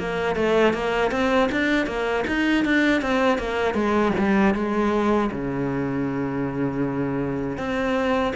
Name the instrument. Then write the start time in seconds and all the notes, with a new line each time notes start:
cello
0.00 A#3
0.36 A3
0.74 A#3
1.12 C4
1.52 D4
1.87 A#3
2.28 D#4
2.65 D4
3.02 C4
3.39 A#3
3.75 G#3
4.18 G3
4.55 G#3
5.32 C#3
7.58 C4